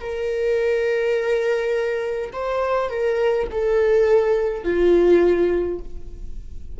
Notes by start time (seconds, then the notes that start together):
0.00 A#4
2.32 C5
2.90 A#4
3.51 A4
4.64 F4